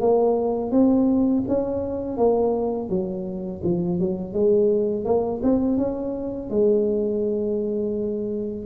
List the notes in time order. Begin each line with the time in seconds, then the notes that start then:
0.00 A#3
0.71 C4
1.48 C#4
2.17 A#3
2.89 F#3
3.63 F3
3.99 F#3
4.33 G#3
5.04 A#3
5.42 C4
5.77 C#4
6.50 G#3